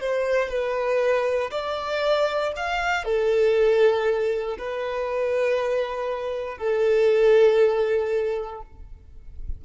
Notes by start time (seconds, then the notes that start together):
0.00 C5
0.49 B4
1.51 D5
2.56 F5
3.05 A4
4.58 B4
6.58 A4